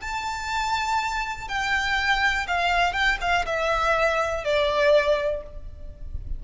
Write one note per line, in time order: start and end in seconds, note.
0.00 1.48 A5
1.48 2.46 G5
2.47 2.93 F5
2.93 3.17 G5
3.21 3.45 F5
3.45 4.44 E5
4.44 5.42 D5